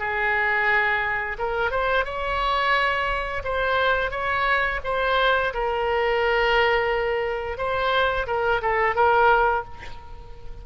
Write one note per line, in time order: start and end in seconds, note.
0.00 1.38 G#4
1.39 1.71 A#4
1.71 2.05 C5
2.05 3.43 C#5
3.45 4.12 C5
4.12 4.81 C#5
4.85 5.54 C5
5.54 7.58 A#4
7.58 8.27 C5
8.27 8.62 A#4
8.62 8.96 A4
8.96 9.65 A#4